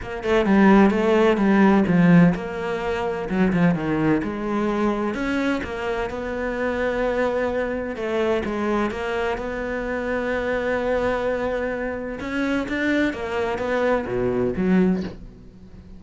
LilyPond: \new Staff \with { instrumentName = "cello" } { \time 4/4 \tempo 4 = 128 ais8 a8 g4 a4 g4 | f4 ais2 fis8 f8 | dis4 gis2 cis'4 | ais4 b2.~ |
b4 a4 gis4 ais4 | b1~ | b2 cis'4 d'4 | ais4 b4 b,4 fis4 | }